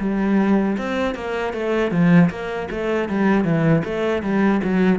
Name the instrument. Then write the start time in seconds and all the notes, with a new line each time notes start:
cello
0.00 G3
0.78 C4
1.15 A#3
1.53 A3
1.91 F3
2.30 A#3
2.71 A3
3.09 G3
3.44 E3
3.84 A3
4.22 G3
4.64 F#3